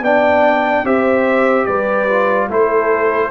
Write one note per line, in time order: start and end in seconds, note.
0.00 0.82 B3
0.00 0.84 D4
0.00 0.85 D5
0.00 0.86 G5
0.84 1.66 C4
0.84 2.08 G4
0.84 1.66 C5
0.84 1.65 E5
1.65 2.48 G3
1.65 2.48 B4
1.65 2.48 D5
2.09 2.49 F4
2.48 3.30 A3
2.48 3.30 E4
2.48 3.30 A4
2.48 3.30 C5